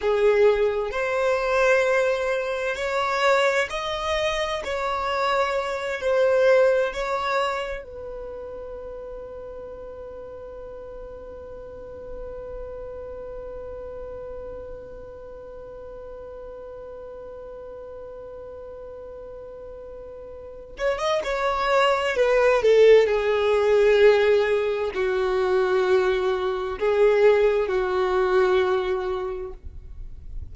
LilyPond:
\new Staff \with { instrumentName = "violin" } { \time 4/4 \tempo 4 = 65 gis'4 c''2 cis''4 | dis''4 cis''4. c''4 cis''8~ | cis''8 b'2.~ b'8~ | b'1~ |
b'1~ | b'2~ b'8 cis''16 dis''16 cis''4 | b'8 a'8 gis'2 fis'4~ | fis'4 gis'4 fis'2 | }